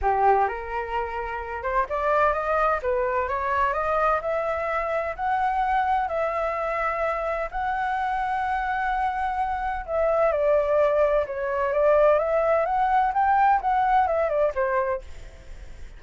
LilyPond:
\new Staff \with { instrumentName = "flute" } { \time 4/4 \tempo 4 = 128 g'4 ais'2~ ais'8 c''8 | d''4 dis''4 b'4 cis''4 | dis''4 e''2 fis''4~ | fis''4 e''2. |
fis''1~ | fis''4 e''4 d''2 | cis''4 d''4 e''4 fis''4 | g''4 fis''4 e''8 d''8 c''4 | }